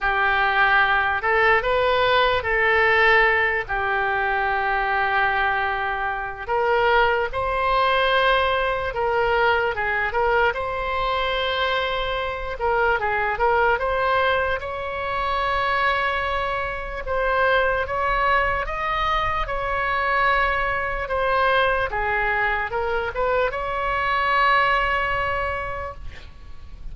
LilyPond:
\new Staff \with { instrumentName = "oboe" } { \time 4/4 \tempo 4 = 74 g'4. a'8 b'4 a'4~ | a'8 g'2.~ g'8 | ais'4 c''2 ais'4 | gis'8 ais'8 c''2~ c''8 ais'8 |
gis'8 ais'8 c''4 cis''2~ | cis''4 c''4 cis''4 dis''4 | cis''2 c''4 gis'4 | ais'8 b'8 cis''2. | }